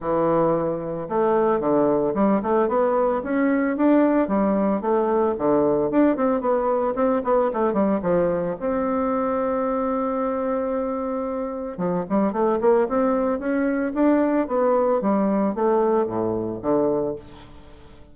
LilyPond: \new Staff \with { instrumentName = "bassoon" } { \time 4/4 \tempo 4 = 112 e2 a4 d4 | g8 a8 b4 cis'4 d'4 | g4 a4 d4 d'8 c'8 | b4 c'8 b8 a8 g8 f4 |
c'1~ | c'2 f8 g8 a8 ais8 | c'4 cis'4 d'4 b4 | g4 a4 a,4 d4 | }